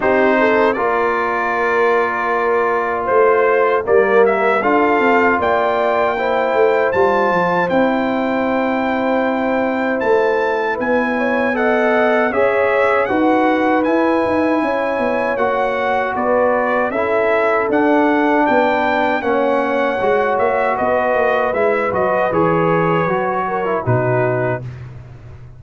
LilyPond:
<<
  \new Staff \with { instrumentName = "trumpet" } { \time 4/4 \tempo 4 = 78 c''4 d''2. | c''4 d''8 e''8 f''4 g''4~ | g''4 a''4 g''2~ | g''4 a''4 gis''4 fis''4 |
e''4 fis''4 gis''2 | fis''4 d''4 e''4 fis''4 | g''4 fis''4. e''8 dis''4 | e''8 dis''8 cis''2 b'4 | }
  \new Staff \with { instrumentName = "horn" } { \time 4/4 g'8 a'8 ais'2. | c''4 ais'4 a'4 d''4 | c''1~ | c''2 b'8 cis''8 dis''4 |
cis''4 b'2 cis''4~ | cis''4 b'4 a'2 | b'4 cis''2 b'4~ | b'2~ b'8 ais'8 fis'4 | }
  \new Staff \with { instrumentName = "trombone" } { \time 4/4 dis'4 f'2.~ | f'4 ais4 f'2 | e'4 f'4 e'2~ | e'2. a'4 |
gis'4 fis'4 e'2 | fis'2 e'4 d'4~ | d'4 cis'4 fis'2 | e'8 fis'8 gis'4 fis'8. e'16 dis'4 | }
  \new Staff \with { instrumentName = "tuba" } { \time 4/4 c'4 ais2. | a4 g4 d'8 c'8 ais4~ | ais8 a8 g8 f8 c'2~ | c'4 a4 b2 |
cis'4 dis'4 e'8 dis'8 cis'8 b8 | ais4 b4 cis'4 d'4 | b4 ais4 gis8 ais8 b8 ais8 | gis8 fis8 e4 fis4 b,4 | }
>>